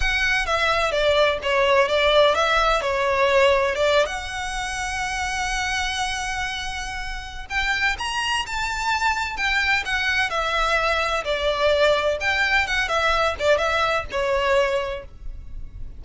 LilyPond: \new Staff \with { instrumentName = "violin" } { \time 4/4 \tempo 4 = 128 fis''4 e''4 d''4 cis''4 | d''4 e''4 cis''2 | d''8. fis''2.~ fis''16~ | fis''1 |
g''4 ais''4 a''2 | g''4 fis''4 e''2 | d''2 g''4 fis''8 e''8~ | e''8 d''8 e''4 cis''2 | }